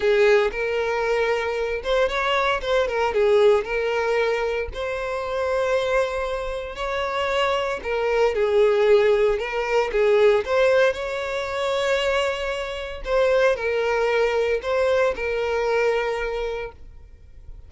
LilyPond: \new Staff \with { instrumentName = "violin" } { \time 4/4 \tempo 4 = 115 gis'4 ais'2~ ais'8 c''8 | cis''4 c''8 ais'8 gis'4 ais'4~ | ais'4 c''2.~ | c''4 cis''2 ais'4 |
gis'2 ais'4 gis'4 | c''4 cis''2.~ | cis''4 c''4 ais'2 | c''4 ais'2. | }